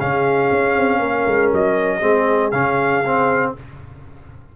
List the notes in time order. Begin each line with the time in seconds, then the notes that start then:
0.00 C#3 C#4 G#4 F5
0.52 C#4
0.77 C4
1.00 A#3 A#4
1.27 G#3
1.53 F#3 D#5
2.00 G#3 C4 G#4
2.51 C#3 C#4 F5
3.06 C4